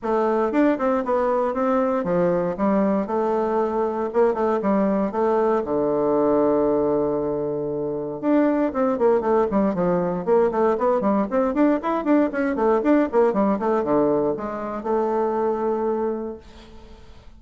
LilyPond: \new Staff \with { instrumentName = "bassoon" } { \time 4/4 \tempo 4 = 117 a4 d'8 c'8 b4 c'4 | f4 g4 a2 | ais8 a8 g4 a4 d4~ | d1 |
d'4 c'8 ais8 a8 g8 f4 | ais8 a8 b8 g8 c'8 d'8 e'8 d'8 | cis'8 a8 d'8 ais8 g8 a8 d4 | gis4 a2. | }